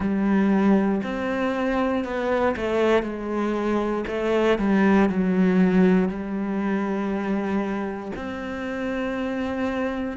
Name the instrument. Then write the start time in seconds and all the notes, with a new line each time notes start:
cello
0.00 G3
1.03 C4
2.04 B3
2.56 A3
3.02 G#3
4.07 A3
4.58 G3
5.08 F#3
6.08 G3
8.15 C4